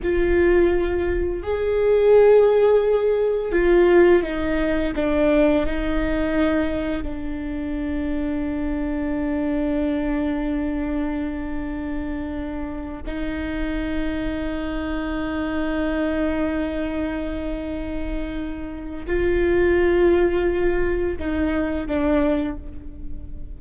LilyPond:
\new Staff \with { instrumentName = "viola" } { \time 4/4 \tempo 4 = 85 f'2 gis'2~ | gis'4 f'4 dis'4 d'4 | dis'2 d'2~ | d'1~ |
d'2~ d'8 dis'4.~ | dis'1~ | dis'2. f'4~ | f'2 dis'4 d'4 | }